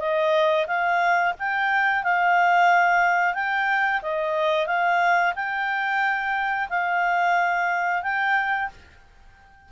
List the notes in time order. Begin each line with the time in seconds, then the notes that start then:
0.00 D#5
0.67 F5
1.39 G5
2.04 F5
3.35 G5
4.02 D#5
4.67 F5
5.36 G5
6.70 F5
8.03 G5